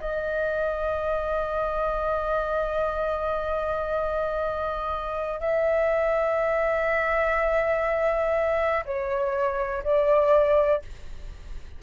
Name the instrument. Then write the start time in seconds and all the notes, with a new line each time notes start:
flute
0.00 D#5
5.40 E5
8.85 C#5
9.84 D5